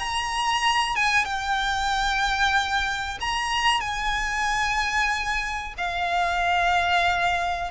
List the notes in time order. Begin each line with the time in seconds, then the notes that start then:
0.00 A#5
0.96 G#5
1.25 G5
3.21 A#5
3.81 G#5
5.78 F5